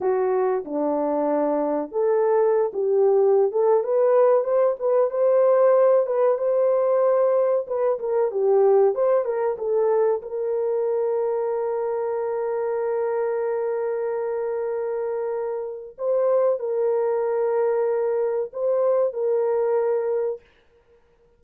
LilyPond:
\new Staff \with { instrumentName = "horn" } { \time 4/4 \tempo 4 = 94 fis'4 d'2 a'4~ | a'16 g'4~ g'16 a'8 b'4 c''8 b'8 | c''4. b'8 c''2 | b'8 ais'8 g'4 c''8 ais'8 a'4 |
ais'1~ | ais'1~ | ais'4 c''4 ais'2~ | ais'4 c''4 ais'2 | }